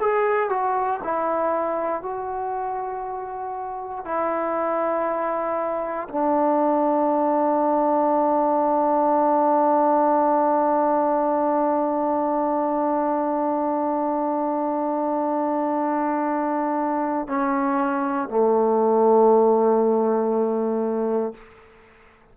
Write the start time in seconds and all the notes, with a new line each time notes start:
0.00 G#4
0.49 F#4
1.04 E4
2.02 F#4
4.05 E4
6.09 D4
17.28 C#4
18.29 A3